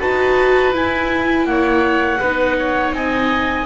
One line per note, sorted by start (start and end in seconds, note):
0.00 0.74 D#4
0.00 0.73 F#4
0.00 1.46 B4
0.00 0.73 A5
0.73 2.19 E4
0.73 1.46 E4
0.73 1.46 G#5
1.46 2.19 A#3
1.46 2.19 C#5
1.46 2.92 F#5
2.19 2.93 B3
2.19 3.66 D#4
2.19 2.56 B4
2.59 2.95 C#5
2.93 3.66 C4
2.93 3.66 D#5
2.93 3.66 G#5